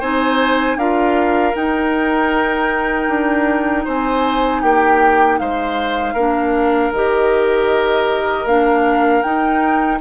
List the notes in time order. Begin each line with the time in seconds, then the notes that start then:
0.00 C4 D#4 C5 G#5
0.76 D4 F4 A#4 F5
1.53 D#4 G5
3.08 D4
3.85 C4 C5 G#5
4.62 A#3 G4 G5
5.39 G#3 C5 F5
6.13 A#3 D4 A#4
6.91 D#3 G4 D#5
8.45 A#3 D4 F5
9.22 D#4 G5